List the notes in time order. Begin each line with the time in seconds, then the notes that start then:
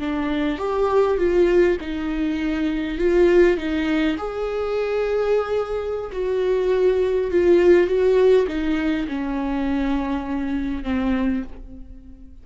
0.00 D4
0.59 G4
1.19 F4
1.81 D#4
2.99 F4
3.58 D#4
4.18 G#4
6.13 F#4
7.32 F4
7.88 F#4
8.48 D#4
9.08 C#4
10.84 C4